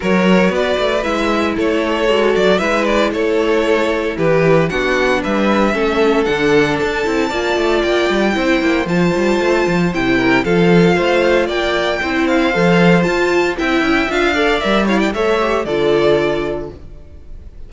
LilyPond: <<
  \new Staff \with { instrumentName = "violin" } { \time 4/4 \tempo 4 = 115 cis''4 d''4 e''4 cis''4~ | cis''8 d''8 e''8 d''8 cis''2 | b'4 fis''4 e''2 | fis''4 a''2 g''4~ |
g''4 a''2 g''4 | f''2 g''4. f''8~ | f''4 a''4 g''4 f''4 | e''8 f''16 g''16 e''4 d''2 | }
  \new Staff \with { instrumentName = "violin" } { \time 4/4 ais'4 b'2 a'4~ | a'4 b'4 a'2 | g'4 fis'4 b'4 a'4~ | a'2 d''2 |
c''2.~ c''8 ais'8 | a'4 c''4 d''4 c''4~ | c''2 e''4. d''8~ | d''8 cis''16 d''16 cis''4 a'2 | }
  \new Staff \with { instrumentName = "viola" } { \time 4/4 fis'2 e'2 | fis'4 e'2.~ | e'4 d'2 cis'4 | d'4. e'8 f'2 |
e'4 f'2 e'4 | f'2. e'4 | a'4 f'4 e'4 f'8 a'8 | ais'8 e'8 a'8 g'8 f'2 | }
  \new Staff \with { instrumentName = "cello" } { \time 4/4 fis4 b8 a8 gis4 a4 | gis8 fis8 gis4 a2 | e4 b4 g4 a4 | d4 d'8 c'8 ais8 a8 ais8 g8 |
c'8 ais8 f8 g8 a8 f8 c4 | f4 a4 ais4 c'4 | f4 f'4 c'8 cis'8 d'4 | g4 a4 d2 | }
>>